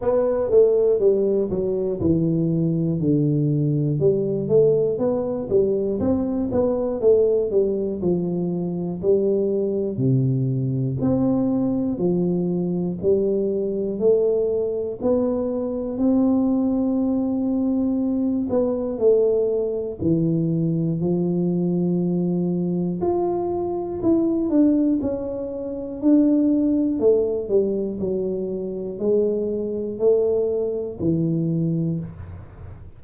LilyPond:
\new Staff \with { instrumentName = "tuba" } { \time 4/4 \tempo 4 = 60 b8 a8 g8 fis8 e4 d4 | g8 a8 b8 g8 c'8 b8 a8 g8 | f4 g4 c4 c'4 | f4 g4 a4 b4 |
c'2~ c'8 b8 a4 | e4 f2 f'4 | e'8 d'8 cis'4 d'4 a8 g8 | fis4 gis4 a4 e4 | }